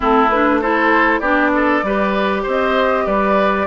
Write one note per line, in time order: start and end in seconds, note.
0.00 1.20 A3
0.00 0.29 C4
0.00 0.60 E4
0.00 0.29 A4
0.29 0.62 D4
0.29 0.60 B4
0.61 1.22 E4
0.61 1.20 A4
0.61 1.19 C5
1.19 1.81 B3
1.19 1.84 D4
1.19 1.51 G4
1.19 2.41 D5
1.54 1.84 A4
1.82 2.43 G3
1.82 3.67 G4
1.82 2.42 B4
2.42 3.06 C4
2.42 3.04 C5
2.49 3.06 D#5
3.05 3.67 G3
3.05 3.67 B4
3.05 3.67 D5